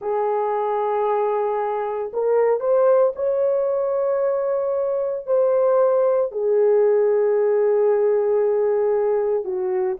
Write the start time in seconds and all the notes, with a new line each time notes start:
0.00 G#4
2.13 A#4
2.60 C5
3.15 C#5
5.26 C5
6.31 G#4
9.44 F#4